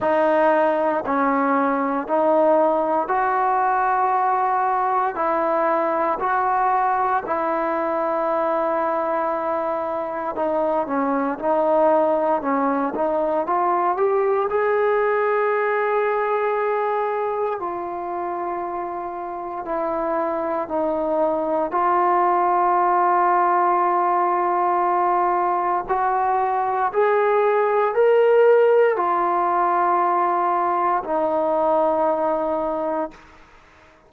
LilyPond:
\new Staff \with { instrumentName = "trombone" } { \time 4/4 \tempo 4 = 58 dis'4 cis'4 dis'4 fis'4~ | fis'4 e'4 fis'4 e'4~ | e'2 dis'8 cis'8 dis'4 | cis'8 dis'8 f'8 g'8 gis'2~ |
gis'4 f'2 e'4 | dis'4 f'2.~ | f'4 fis'4 gis'4 ais'4 | f'2 dis'2 | }